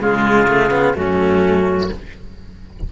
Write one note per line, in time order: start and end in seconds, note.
0.00 0.95 C#3
0.00 0.48 G#3
0.00 0.97 F4
0.00 0.96 G#4
0.48 0.71 A3
0.71 0.94 B3
0.94 1.91 F#2
0.94 1.90 A3
0.94 1.92 C#4
0.94 1.91 F#4